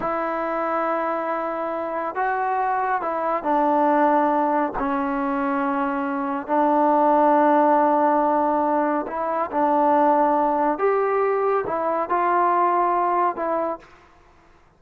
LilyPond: \new Staff \with { instrumentName = "trombone" } { \time 4/4 \tempo 4 = 139 e'1~ | e'4 fis'2 e'4 | d'2. cis'4~ | cis'2. d'4~ |
d'1~ | d'4 e'4 d'2~ | d'4 g'2 e'4 | f'2. e'4 | }